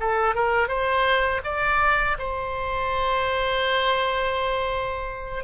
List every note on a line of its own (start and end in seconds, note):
0.00 0.35 A4
0.35 0.68 A#4
0.68 1.41 C5
1.44 2.17 D5
2.19 5.44 C5